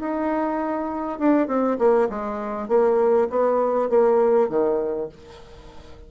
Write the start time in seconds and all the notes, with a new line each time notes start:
0.00 D#4
1.19 D4
1.48 C4
1.79 A#3
2.10 G#3
2.69 A#3
3.30 B3
3.90 A#3
4.49 D#3